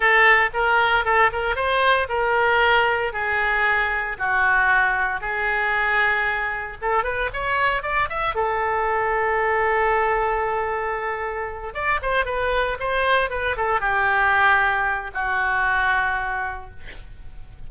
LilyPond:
\new Staff \with { instrumentName = "oboe" } { \time 4/4 \tempo 4 = 115 a'4 ais'4 a'8 ais'8 c''4 | ais'2 gis'2 | fis'2 gis'2~ | gis'4 a'8 b'8 cis''4 d''8 e''8 |
a'1~ | a'2~ a'8 d''8 c''8 b'8~ | b'8 c''4 b'8 a'8 g'4.~ | g'4 fis'2. | }